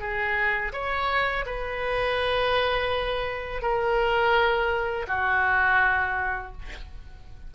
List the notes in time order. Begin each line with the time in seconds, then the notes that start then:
0.00 G#4
0.73 C#5
1.46 B4
3.62 A#4
5.08 F#4